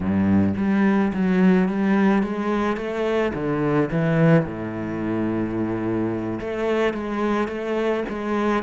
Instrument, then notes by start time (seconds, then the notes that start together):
cello
0.00 G2
0.56 G3
1.13 F#3
1.68 G3
2.22 G#3
2.76 A3
3.33 D3
3.91 E3
4.45 A2
6.40 A3
6.93 G#3
7.48 A3
8.08 G#3